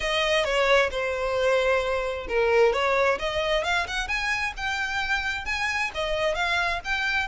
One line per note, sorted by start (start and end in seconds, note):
0.00 0.44 D#5
0.44 0.90 C#5
0.90 2.27 C5
2.28 2.73 A#4
2.73 3.18 C#5
3.19 3.64 D#5
3.64 3.86 F5
3.87 4.07 F#5
4.07 4.53 G#5
4.56 5.45 G5
5.45 5.90 G#5
5.94 6.34 D#5
6.34 6.80 F5
6.84 7.27 G5